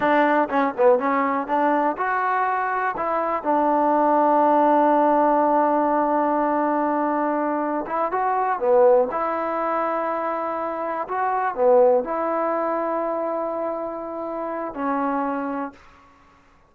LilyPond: \new Staff \with { instrumentName = "trombone" } { \time 4/4 \tempo 4 = 122 d'4 cis'8 b8 cis'4 d'4 | fis'2 e'4 d'4~ | d'1~ | d'1 |
e'8 fis'4 b4 e'4.~ | e'2~ e'8 fis'4 b8~ | b8 e'2.~ e'8~ | e'2 cis'2 | }